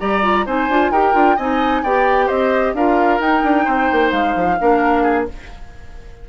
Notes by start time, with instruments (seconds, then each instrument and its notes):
0.00 bassoon G3, clarinet G4, oboe D5, flute A#5
0.23 clarinet F4
0.46 bassoon C4, clarinet D#4, oboe C5, flute G#5
0.69 bassoon D4, clarinet F4
0.91 bassoon D#4, clarinet G4, oboe A#4, flute G5
1.13 bassoon D4, clarinet F4
1.36 bassoon C4, clarinet D#4, oboe D#5, flute G#5
1.83 bassoon B3, clarinet G4, oboe D5, flute G5
2.27 bassoon C4, oboe C5, flute D#5
2.74 bassoon D4, clarinet F4, oboe A#4, flute F5
3.20 bassoon D#4, clarinet D#4, flute G5
3.43 bassoon D4
3.65 bassoon C4, oboe C5
3.92 bassoon A#3
4.11 bassoon G#3, flute F5
4.36 bassoon F3
4.60 bassoon A#3, clarinet D4, oboe A#4
5.03 oboe G#4